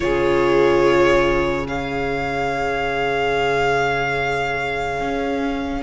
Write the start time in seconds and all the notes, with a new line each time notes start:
0.00 C#3 F4 G#4 C#5
1.67 G#4 C#5 F5
5.00 C#4